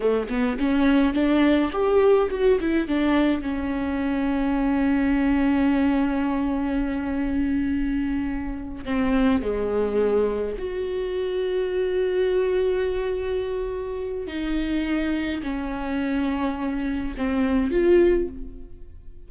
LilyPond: \new Staff \with { instrumentName = "viola" } { \time 4/4 \tempo 4 = 105 a8 b8 cis'4 d'4 g'4 | fis'8 e'8 d'4 cis'2~ | cis'1~ | cis'2.~ cis'8 c'8~ |
c'8 gis2 fis'4.~ | fis'1~ | fis'4 dis'2 cis'4~ | cis'2 c'4 f'4 | }